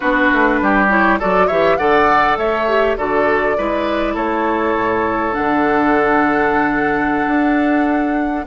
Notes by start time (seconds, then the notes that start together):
0.00 B3 D4 F#4 B4
0.32 A3
0.61 G3 G4
0.89 E4 C#5
1.19 F#3 F#4 A4 D5
1.46 E3 G4 C#5 E5
1.77 D3 A4 D5 F#5
2.37 A3 C#5 E5
2.68 G4
2.97 D3 F#4 A4 D5
3.57 G#3 E4 B4
4.14 A3 A4 C#5
4.74 A2
5.31 D3 D4 F#5
7.26 D4